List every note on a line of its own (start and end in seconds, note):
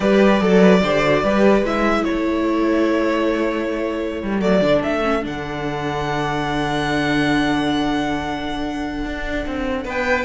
0.00 0.40 G3
0.00 0.40 G4
0.00 0.42 B4
0.00 1.63 D5
0.40 0.82 F#3
0.40 0.81 A4
0.40 0.60 A4
0.60 0.81 B4
0.82 1.23 D3
0.82 1.04 G4
0.82 1.23 C5
1.04 1.24 F#4
1.23 1.62 G3
1.23 1.65 G4
1.23 2.04 B4
1.62 2.03 G#3
1.62 4.39 E4
1.62 2.04 E5
2.04 4.22 A3
2.04 9.84 A4
2.04 4.40 C#5
4.22 4.42 G3
4.39 4.61 F#3
4.39 4.60 A3
4.39 4.82 D5
4.61 4.82 D3
4.61 5.02 D4
4.82 5.25 A3
4.82 5.23 E5
5.02 5.22 C#4
5.22 9.04 D3
5.22 10.25 D4
5.22 9.87 F#5
9.04 9.45 D4
9.46 9.85 C4
9.84 10.25 B3
9.84 10.25 B4
9.84 10.25 G5